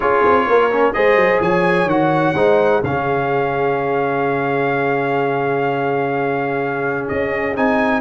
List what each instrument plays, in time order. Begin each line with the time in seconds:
0.00 tuba C#4, trombone F4, horn G#4, trumpet C#5
0.25 tuba C4
0.47 tuba A#3, horn A#4
0.72 trombone C#4
0.93 tuba G#3, trombone G#4, horn C5, trumpet D#5
1.16 tuba F#3
1.40 tuba F3, horn C#5, trumpet G#5
1.85 tuba D#3, trombone F#4, trumpet F#5
2.34 tuba G#3, trombone D#4, horn C5
2.83 tuba C#3, trombone C#4, horn G#4, trumpet F5
7.08 tuba C#4, trumpet D#5
7.55 tuba C4, trombone D#4, trumpet G#5